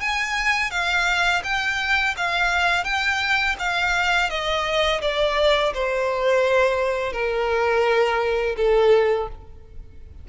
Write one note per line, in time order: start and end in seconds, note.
0.00 0.70 G#5
0.70 1.42 F5
1.44 2.15 G5
2.17 2.84 F5
2.84 3.56 G5
3.59 4.30 F5
4.30 5.01 D#5
5.01 5.73 D5
5.74 7.13 C5
7.13 8.56 A#4
8.56 9.28 A4